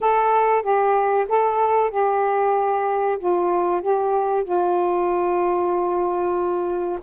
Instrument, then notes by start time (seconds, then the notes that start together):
saxophone
0.01 A4
0.62 G4
1.28 A4
1.90 G4
3.19 F4
3.82 G4
4.44 F4